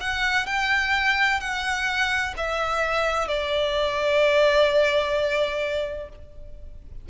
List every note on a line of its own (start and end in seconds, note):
0.00 0.46 F#5
0.46 1.40 G5
1.40 2.34 F#5
2.37 3.28 E5
3.28 6.09 D5